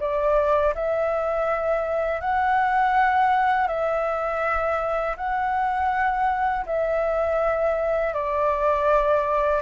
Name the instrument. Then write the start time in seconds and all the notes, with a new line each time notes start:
flute
0.00 D5
0.75 E5
2.21 F#5
3.68 E5
5.17 F#5
6.66 E5
8.14 D5